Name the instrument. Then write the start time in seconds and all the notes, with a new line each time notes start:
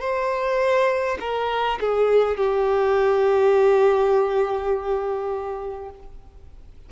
violin
0.00 C5
1.20 A#4
1.80 G#4
2.37 G4